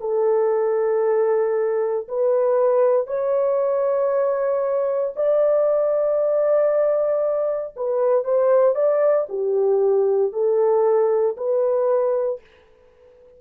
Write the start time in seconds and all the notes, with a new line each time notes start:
0.00 A4
2.08 B4
3.07 C#5
5.15 D5
7.76 B4
8.24 C5
8.75 D5
9.29 G4
10.33 A4
11.37 B4